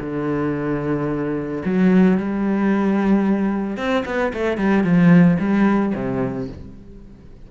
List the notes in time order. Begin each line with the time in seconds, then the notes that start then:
0.00 D3
1.65 F#3
2.17 G3
3.77 C4
4.05 B3
4.33 A3
4.57 G3
4.84 F3
5.39 G3
5.94 C3